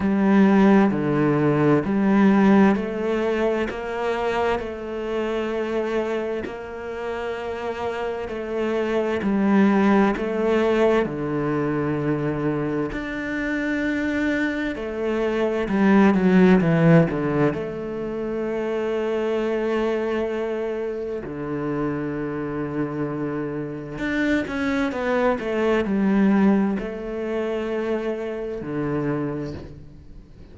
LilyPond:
\new Staff \with { instrumentName = "cello" } { \time 4/4 \tempo 4 = 65 g4 d4 g4 a4 | ais4 a2 ais4~ | ais4 a4 g4 a4 | d2 d'2 |
a4 g8 fis8 e8 d8 a4~ | a2. d4~ | d2 d'8 cis'8 b8 a8 | g4 a2 d4 | }